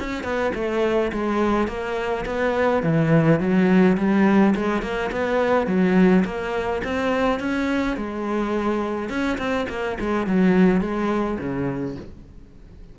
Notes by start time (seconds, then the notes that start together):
0.00 C#4
0.24 B3
0.55 A3
1.13 G#3
1.68 A#3
2.26 B3
2.83 E3
3.40 F#3
3.97 G3
4.56 G#3
4.82 A#3
5.12 B3
5.67 F#3
6.25 A#3
6.84 C4
7.40 C#4
7.97 G#3
9.09 C#4
9.38 C4
9.69 A#3
10.00 G#3
10.27 F#3
10.81 G#3
11.39 C#3